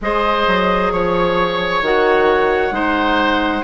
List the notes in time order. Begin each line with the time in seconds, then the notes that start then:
0.01 G#3 G#4 C5 D#5
0.47 F#3
0.91 F3 C#5
1.81 D#3 F#4 F#5
2.71 G#3 D#4 C5